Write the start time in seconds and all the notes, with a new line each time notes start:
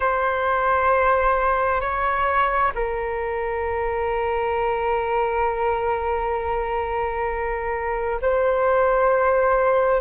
0.00 C5
1.80 C#5
2.74 A#4
8.21 C5